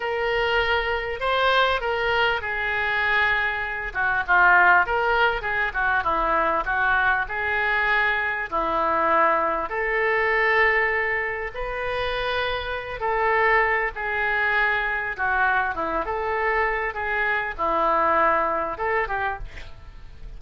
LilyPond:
\new Staff \with { instrumentName = "oboe" } { \time 4/4 \tempo 4 = 99 ais'2 c''4 ais'4 | gis'2~ gis'8 fis'8 f'4 | ais'4 gis'8 fis'8 e'4 fis'4 | gis'2 e'2 |
a'2. b'4~ | b'4. a'4. gis'4~ | gis'4 fis'4 e'8 a'4. | gis'4 e'2 a'8 g'8 | }